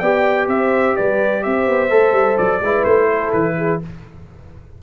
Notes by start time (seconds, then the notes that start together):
0.00 B3 G4 D5 G5
0.48 C4 C5 E5
0.96 G3 B4 D5
1.44 C4 C5 E5
1.68 B3
1.90 A3 A4
2.12 G3
2.38 F#3 D5
2.61 G#3 E4 B4
2.85 A3 C5
3.08 A4
3.33 E3 B4
3.58 G#4